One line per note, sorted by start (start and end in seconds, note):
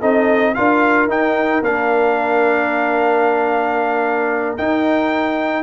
0.00 0.56 C4
0.00 0.55 D#4
0.00 0.54 A4
0.00 0.55 D#5
0.55 1.08 D4
0.55 1.09 F4
0.55 5.63 A#4
0.55 1.08 F5
1.08 1.61 D#4
1.08 1.63 D#4
1.08 1.64 G5
1.62 4.57 A#3
1.62 4.58 D4
1.62 4.57 F5
4.57 5.63 D#4
4.57 5.63 G5